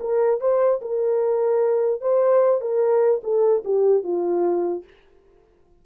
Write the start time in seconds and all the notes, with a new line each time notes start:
0.00 A#4
0.40 C5
0.81 A#4
2.01 C5
2.61 A#4
3.23 A4
3.64 G4
4.03 F4